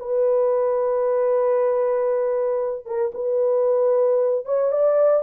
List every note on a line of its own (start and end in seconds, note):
0.00 2.86 B4
2.86 3.12 A#4
3.15 4.46 B4
4.46 4.72 C#5
4.72 5.23 D5